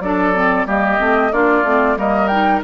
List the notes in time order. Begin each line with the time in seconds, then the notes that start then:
0.00 F#3 D4 A4 D5
0.34 C4
0.65 G3 A#3 G4 D#5
0.99 A3 C4
1.32 A#3 D4 F4 D5
1.63 A3 C4
1.96 G3 A#3 A#4 D#5
2.27 D#4 G5